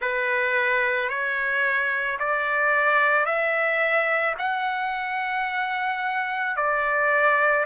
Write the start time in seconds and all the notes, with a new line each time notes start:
0.00 B4
1.09 C#5
2.19 D5
3.25 E5
4.38 F#5
6.56 D5